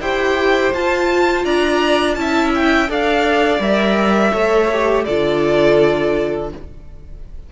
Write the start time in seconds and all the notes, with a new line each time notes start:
0.00 E4 G4 C5 G5
0.73 F4 A5
1.45 D4 D5 A#5
2.14 C#4 E4 A5
2.21 E5
2.55 G5
2.88 D4 A4 D5 F5
3.59 G3 A#4 E5
4.33 A3 A4 C#5
4.73 G4
5.05 D3 F4 A4 D5